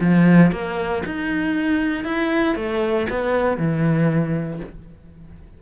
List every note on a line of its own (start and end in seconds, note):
0.00 0.51 F3
0.51 1.03 A#3
1.05 2.04 D#4
2.04 2.55 E4
2.55 3.07 A3
3.09 3.57 B3
3.57 4.60 E3